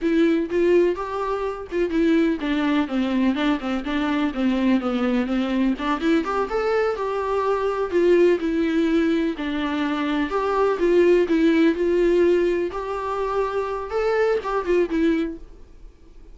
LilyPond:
\new Staff \with { instrumentName = "viola" } { \time 4/4 \tempo 4 = 125 e'4 f'4 g'4. f'8 | e'4 d'4 c'4 d'8 c'8 | d'4 c'4 b4 c'4 | d'8 e'8 g'8 a'4 g'4.~ |
g'8 f'4 e'2 d'8~ | d'4. g'4 f'4 e'8~ | e'8 f'2 g'4.~ | g'4 a'4 g'8 f'8 e'4 | }